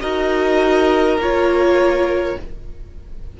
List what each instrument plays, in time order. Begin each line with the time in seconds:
0.00 cello D#4, viola F#4, violin A#4 D#5
1.17 cello A#3, viola F4, violin C#5